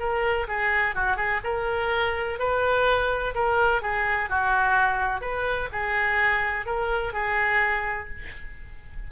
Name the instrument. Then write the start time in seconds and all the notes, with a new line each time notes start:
oboe
0.00 A#4
0.48 G#4
0.96 F#4
1.17 G#4
1.44 A#4
2.40 B4
3.35 A#4
3.82 G#4
4.30 F#4
5.22 B4
5.73 G#4
6.66 A#4
7.14 G#4